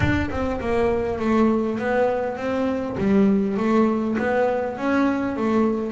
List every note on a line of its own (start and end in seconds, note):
0.00 0.29 D4
0.30 0.59 C4
0.60 1.19 A#3
1.19 1.78 A3
1.78 2.37 B3
2.37 2.96 C4
2.97 3.57 G3
3.57 4.16 A3
4.18 4.77 B3
4.77 5.36 C#4
5.36 5.92 A3